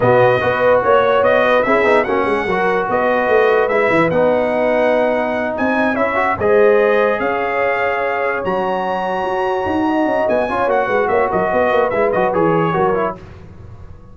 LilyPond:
<<
  \new Staff \with { instrumentName = "trumpet" } { \time 4/4 \tempo 4 = 146 dis''2 cis''4 dis''4 | e''4 fis''2 dis''4~ | dis''4 e''4 fis''2~ | fis''4. gis''4 e''4 dis''8~ |
dis''4. f''2~ f''8~ | f''8 ais''2.~ ais''8~ | ais''4 gis''4 fis''4 e''8 dis''8~ | dis''4 e''8 dis''8 cis''2 | }
  \new Staff \with { instrumentName = "horn" } { \time 4/4 fis'4 b'4 cis''4. b'8 | gis'4 fis'8 gis'8 ais'4 b'4~ | b'1~ | b'4. dis''4 cis''4 c''8~ |
c''4. cis''2~ cis''8~ | cis''1 | dis''4. cis''4 b'8 cis''8 ais'8 | b'2. ais'4 | }
  \new Staff \with { instrumentName = "trombone" } { \time 4/4 b4 fis'2. | e'8 dis'8 cis'4 fis'2~ | fis'4 e'4 dis'2~ | dis'2~ dis'8 e'8 fis'8 gis'8~ |
gis'1~ | gis'8 fis'2.~ fis'8~ | fis'4. f'8 fis'2~ | fis'4 e'8 fis'8 gis'4 fis'8 e'8 | }
  \new Staff \with { instrumentName = "tuba" } { \time 4/4 b,4 b4 ais4 b4 | cis'8 b8 ais8 gis8 fis4 b4 | a4 gis8 e8 b2~ | b4. c'4 cis'4 gis8~ |
gis4. cis'2~ cis'8~ | cis'8 fis2 fis'4 dis'8~ | dis'8 cis'8 b8 cis'8 ais8 gis8 ais8 fis8 | b8 ais8 gis8 fis8 e4 fis4 | }
>>